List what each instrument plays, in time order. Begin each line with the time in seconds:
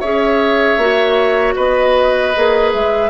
0.00 bassoon C#4, clarinet G#4, oboe C#5, flute E5
0.77 bassoon A#3, clarinet F#4
1.56 bassoon B3, oboe B4, flute D#5
2.36 bassoon A#3, clarinet G#4
2.73 bassoon G#3, flute E5